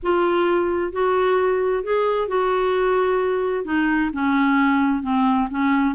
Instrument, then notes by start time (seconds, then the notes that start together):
clarinet
0.02 F4
0.92 F#4
1.83 G#4
2.28 F#4
3.65 D#4
4.13 C#4
5.02 C4
5.50 C#4